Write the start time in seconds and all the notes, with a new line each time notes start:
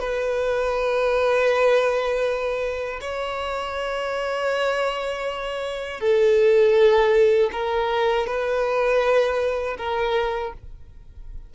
0.00 B4
3.01 C#5
6.00 A4
7.53 A#4
8.27 B4
9.78 A#4